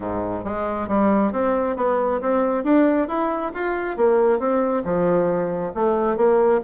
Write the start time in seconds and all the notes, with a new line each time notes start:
0.00 G#2
0.44 G#3
0.88 G3
1.32 C4
1.76 B3
2.21 C4
2.64 D4
3.08 E4
3.54 F4
3.96 A#3
4.39 C4
4.84 F3
5.74 A3
6.16 A#3